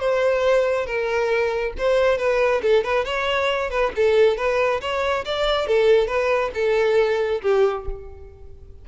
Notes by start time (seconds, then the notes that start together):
0.00 C5
0.86 A#4
1.78 C5
2.18 B4
2.62 A4
2.84 B4
3.05 C#5
3.71 B4
3.96 A4
4.37 B4
4.81 C#5
5.25 D5
5.67 A4
6.08 B4
6.54 A4
7.42 G4